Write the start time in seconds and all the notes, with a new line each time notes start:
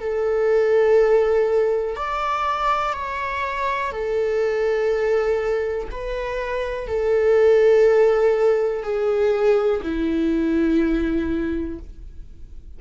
0.00 A4
1.96 D5
2.93 C#5
3.91 A4
5.91 B4
6.88 A4
8.83 G#4
9.82 E4